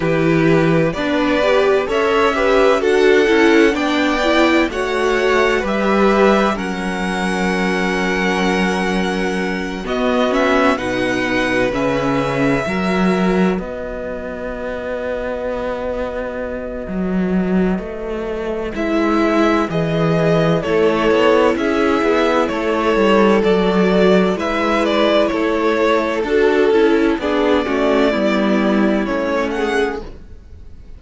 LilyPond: <<
  \new Staff \with { instrumentName = "violin" } { \time 4/4 \tempo 4 = 64 b'4 d''4 e''4 fis''4 | g''4 fis''4 e''4 fis''4~ | fis''2~ fis''8 dis''8 e''8 fis''8~ | fis''8 e''2 dis''4.~ |
dis''1 | e''4 dis''4 cis''4 e''4 | cis''4 d''4 e''8 d''8 cis''4 | a'4 d''2 cis''8 fis''8 | }
  \new Staff \with { instrumentName = "violin" } { \time 4/4 g'4 b'4 cis''8 b'8 a'4 | d''4 cis''4 b'4 ais'4~ | ais'2~ ais'8 fis'4 b'8~ | b'4. ais'4 b'4.~ |
b'1~ | b'2 a'4 gis'4 | a'2 b'4 a'4~ | a'4 gis'8 fis'8 e'4. gis'8 | }
  \new Staff \with { instrumentName = "viola" } { \time 4/4 e'4 d'8 g'8 a'8 g'8 fis'8 e'8 | d'8 e'8 fis'4 g'4 cis'4~ | cis'2~ cis'8 b8 cis'8 dis'8~ | dis'8 cis'4 fis'2~ fis'8~ |
fis'1 | e'4 gis'4 e'2~ | e'4 fis'4 e'2 | fis'8 e'8 d'8 cis'8 b4 cis'4 | }
  \new Staff \with { instrumentName = "cello" } { \time 4/4 e4 b4 cis'4 d'8 cis'8 | b4 a4 g4 fis4~ | fis2~ fis8 b4 b,8~ | b,8 cis4 fis4 b4.~ |
b2 fis4 a4 | gis4 e4 a8 b8 cis'8 b8 | a8 g8 fis4 gis4 a4 | d'8 cis'8 b8 a8 g4 a4 | }
>>